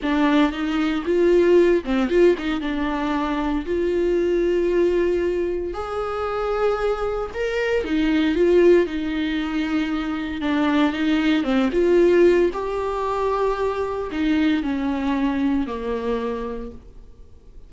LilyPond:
\new Staff \with { instrumentName = "viola" } { \time 4/4 \tempo 4 = 115 d'4 dis'4 f'4. c'8 | f'8 dis'8 d'2 f'4~ | f'2. gis'4~ | gis'2 ais'4 dis'4 |
f'4 dis'2. | d'4 dis'4 c'8 f'4. | g'2. dis'4 | cis'2 ais2 | }